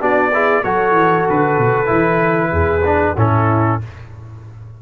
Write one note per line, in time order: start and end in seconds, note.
0.00 0.64 B3
0.00 0.32 D4
0.00 0.32 F#4
0.00 0.64 D5
0.34 0.65 E4
0.34 0.64 G#4
0.64 0.92 F#3
0.64 1.86 F#4
0.64 2.52 A4
0.64 1.27 C#5
0.92 1.23 E3
1.30 1.58 D3
1.30 3.19 B4
1.58 1.90 B2
1.86 2.52 E3
1.86 2.81 E4
2.52 3.15 E2
2.52 3.15 G#4
2.85 3.17 D4
3.17 3.80 A2
3.17 3.81 C#4
3.17 3.81 E4
3.17 3.82 A4